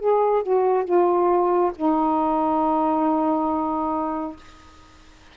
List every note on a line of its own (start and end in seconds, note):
0.00 0.43 G#4
0.43 0.85 F#4
0.85 1.72 F4
1.76 4.37 D#4